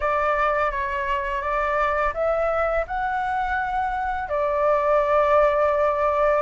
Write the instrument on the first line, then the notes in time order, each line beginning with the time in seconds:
flute
0.00 D5
0.71 C#5
1.41 D5
2.14 E5
2.87 F#5
4.29 D5